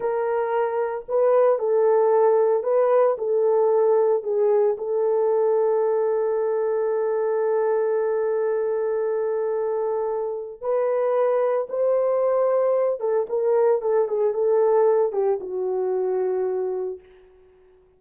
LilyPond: \new Staff \with { instrumentName = "horn" } { \time 4/4 \tempo 4 = 113 ais'2 b'4 a'4~ | a'4 b'4 a'2 | gis'4 a'2.~ | a'1~ |
a'1 | b'2 c''2~ | c''8 a'8 ais'4 a'8 gis'8 a'4~ | a'8 g'8 fis'2. | }